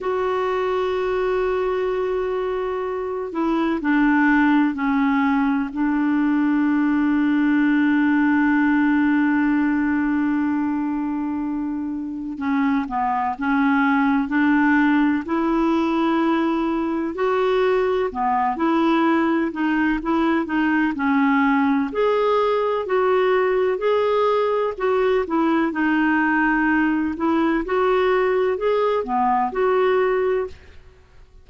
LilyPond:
\new Staff \with { instrumentName = "clarinet" } { \time 4/4 \tempo 4 = 63 fis'2.~ fis'8 e'8 | d'4 cis'4 d'2~ | d'1~ | d'4 cis'8 b8 cis'4 d'4 |
e'2 fis'4 b8 e'8~ | e'8 dis'8 e'8 dis'8 cis'4 gis'4 | fis'4 gis'4 fis'8 e'8 dis'4~ | dis'8 e'8 fis'4 gis'8 b8 fis'4 | }